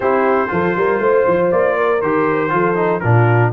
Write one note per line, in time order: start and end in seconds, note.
0.00 0.47 C4
0.00 0.48 E4
0.00 0.50 G4
0.00 1.49 C5
0.48 0.76 F3
0.48 1.99 F4
0.48 0.77 A4
0.76 0.99 G3
0.76 1.02 A#4
0.99 1.24 A3
0.99 1.76 C5
1.27 1.52 F3
1.51 2.02 A#3
1.51 2.01 D5
1.76 2.52 A#4
2.01 2.52 D#3
2.01 2.49 G4
2.01 3.00 C5
2.49 3.02 F3
2.49 2.74 F4
2.49 3.01 A4
2.75 3.00 D#4
3.00 3.52 A#2
3.00 3.52 D4
3.00 3.51 F4
3.00 3.50 A#4